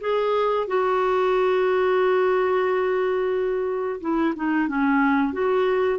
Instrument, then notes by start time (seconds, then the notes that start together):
clarinet
0.00 G#4
0.67 F#4
4.01 E4
4.35 D#4
4.68 C#4
5.32 F#4